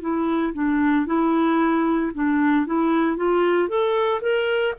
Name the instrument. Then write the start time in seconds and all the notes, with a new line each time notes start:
clarinet
0.00 E4
0.53 D4
1.06 E4
2.14 D4
2.66 E4
3.16 F4
3.68 A4
4.21 A#4